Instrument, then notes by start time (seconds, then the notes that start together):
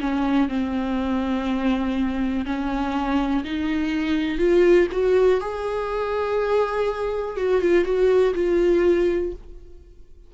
viola
0.00 C#4
0.48 C4
2.45 C#4
3.44 D#4
4.38 F4
4.91 F#4
5.40 G#4
7.36 F#4
7.61 F4
7.85 F#4
8.34 F4